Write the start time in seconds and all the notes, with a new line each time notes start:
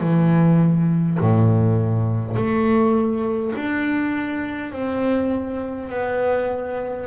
0.00 E3
1.20 A2
2.36 A3
3.55 D4
4.72 C4
5.89 B3